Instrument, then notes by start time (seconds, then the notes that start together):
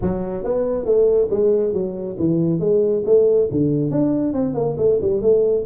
tuba
0.01 F#3
0.44 B3
0.85 A3
1.30 G#3
1.73 F#3
2.18 E3
2.59 G#3
3.05 A3
3.51 D3
3.91 D4
4.33 C4
4.54 A#3
4.77 A3
5.01 G3
5.21 A3